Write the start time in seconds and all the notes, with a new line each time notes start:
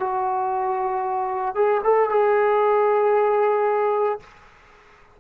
0.00 F#4
1.55 G#4
1.84 A4
2.10 G#4